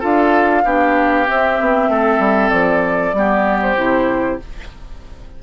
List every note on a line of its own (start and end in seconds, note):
0.00 0.65 D4
0.00 0.63 F4
0.00 0.62 A4
0.00 1.27 F5
0.65 1.27 B3
0.65 1.26 D4
0.65 1.90 G4
1.26 3.13 C4
1.26 1.61 C4
1.26 2.50 E5
1.61 1.88 B3
1.88 2.19 A3
1.88 3.15 A4
2.19 2.50 G3
2.50 3.13 F3
2.50 3.59 D5
3.13 3.76 G3
3.13 3.77 B3
3.13 4.43 G4
3.62 4.40 C5
3.77 4.40 C3
3.77 4.39 E4